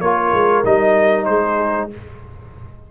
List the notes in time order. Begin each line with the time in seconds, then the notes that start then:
0.00 A#3 F4 A#4 C#5
0.32 G#3
0.64 G3 D#4 D#5
1.25 G#3 G#4 C5